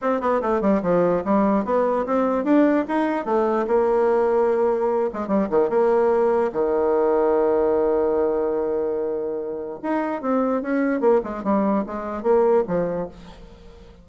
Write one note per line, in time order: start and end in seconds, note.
0.01 0.20 C4
0.20 0.41 B3
0.41 0.61 A3
0.61 0.81 G3
0.82 1.23 F3
1.24 1.64 G3
1.64 2.05 B3
2.06 2.44 C4
2.44 2.85 D4
2.88 3.25 D#4
3.25 3.65 A3
3.67 5.10 A#3
5.13 5.27 G#3
5.27 5.47 G3
5.50 5.69 D#3
5.69 6.51 A#3
6.52 9.78 D#3
9.83 10.21 D#4
10.21 10.62 C4
10.62 11.00 C#4
11.00 11.20 A#3
11.23 11.43 G#3
11.43 11.84 G3
11.86 12.22 G#3
12.22 12.63 A#3
12.67 13.08 F3